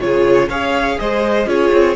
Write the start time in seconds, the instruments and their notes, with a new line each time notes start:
0.00 cello C#3, viola F4, violin G#4 C#5
0.48 cello C#4, viola G#4, violin C#5 F5
0.99 cello G#3, violin C5 D#5
1.46 cello C#4, viola F4, violin G#4 C#5
1.73 cello C4